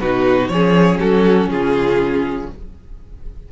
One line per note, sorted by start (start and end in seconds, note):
0.00 0.49 B2
0.00 0.52 D#4
0.00 0.50 F#4
0.00 0.48 B4
0.48 0.99 F3
0.48 2.52 C#4
0.48 1.00 G#4
0.48 0.98 C#5
1.00 1.50 F#3
1.00 1.49 F#4
1.00 1.50 A4
1.50 2.49 C#3
1.50 2.51 F4
1.50 2.49 G#4